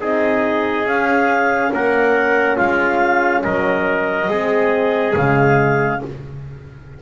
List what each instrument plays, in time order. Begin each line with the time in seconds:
0.00 double bass C4, horn D#4, trumpet G#4, clarinet D#5
0.85 double bass C#4, horn C#4, clarinet F5
1.73 double bass A#3, trumpet A#4, clarinet F#5
2.56 double bass G#3, trumpet F4, clarinet F5
3.43 double bass F#3, trumpet A#4, clarinet D#5
4.28 double bass G#3, horn C4, trumpet G#4
5.16 double bass C#3, horn G#3, clarinet F5